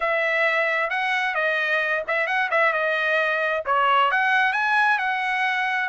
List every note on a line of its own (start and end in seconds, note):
0.00 0.90 E5
0.90 1.35 F#5
1.35 2.03 D#5
2.07 2.26 E5
2.26 2.49 F#5
2.50 2.72 E5
2.72 3.63 D#5
3.65 4.11 C#5
4.11 4.52 F#5
4.52 4.98 G#5
4.98 5.89 F#5